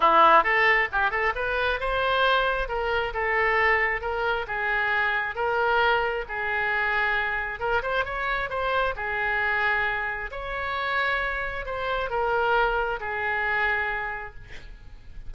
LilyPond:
\new Staff \with { instrumentName = "oboe" } { \time 4/4 \tempo 4 = 134 e'4 a'4 g'8 a'8 b'4 | c''2 ais'4 a'4~ | a'4 ais'4 gis'2 | ais'2 gis'2~ |
gis'4 ais'8 c''8 cis''4 c''4 | gis'2. cis''4~ | cis''2 c''4 ais'4~ | ais'4 gis'2. | }